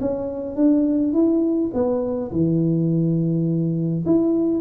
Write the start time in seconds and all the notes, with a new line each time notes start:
0.00 C#4
0.55 D4
1.12 E4
1.73 B3
2.31 E3
4.05 E4